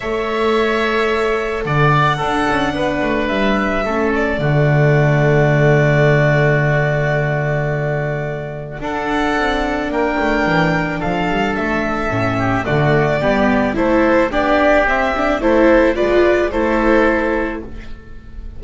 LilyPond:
<<
  \new Staff \with { instrumentName = "violin" } { \time 4/4 \tempo 4 = 109 e''2. fis''4~ | fis''2 e''4. d''8~ | d''1~ | d''1 |
fis''2 g''2 | f''4 e''2 d''4~ | d''4 c''4 d''4 e''4 | c''4 d''4 c''2 | }
  \new Staff \with { instrumentName = "oboe" } { \time 4/4 cis''2. d''4 | a'4 b'2 a'4 | fis'1~ | fis'1 |
a'2 ais'2 | a'2~ a'8 g'8 fis'4 | g'4 a'4 g'2 | a'4 b'4 a'2 | }
  \new Staff \with { instrumentName = "viola" } { \time 4/4 a'1 | d'2. cis'4 | a1~ | a1 |
d'1~ | d'2 cis'4 a4 | b4 e'4 d'4 c'8 d'8 | e'4 f'4 e'2 | }
  \new Staff \with { instrumentName = "double bass" } { \time 4/4 a2. d4 | d'8 cis'8 b8 a8 g4 a4 | d1~ | d1 |
d'4 c'4 ais8 a8 e4 | f8 g8 a4 a,4 d4 | g4 a4 b4 c'4 | a4 gis4 a2 | }
>>